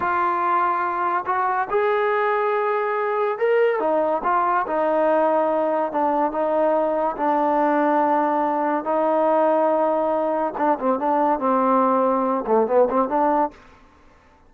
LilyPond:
\new Staff \with { instrumentName = "trombone" } { \time 4/4 \tempo 4 = 142 f'2. fis'4 | gis'1 | ais'4 dis'4 f'4 dis'4~ | dis'2 d'4 dis'4~ |
dis'4 d'2.~ | d'4 dis'2.~ | dis'4 d'8 c'8 d'4 c'4~ | c'4. a8 b8 c'8 d'4 | }